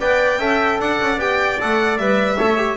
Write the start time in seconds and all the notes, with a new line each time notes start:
0.00 B3 B4 D5 G5
0.38 C#4 A4 E5
0.80 D4 D5 F#5
1.01 C#4
1.17 B3 G4 G5
1.60 A3 A4 F#5
1.98 G3 B4 E5
2.37 A3 A4 C#5
2.57 G4